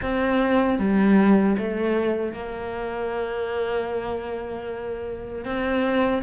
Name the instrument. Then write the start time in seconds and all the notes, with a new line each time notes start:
cello
0.02 C4
0.78 G3
1.58 A3
2.33 A#3
5.44 C4